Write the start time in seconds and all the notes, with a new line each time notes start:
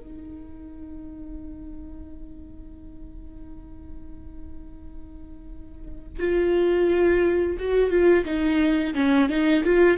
0.00 D#4
6.19 F4
7.58 F#4
7.90 F4
8.25 D#4
8.94 C#4
9.29 D#4
9.64 F4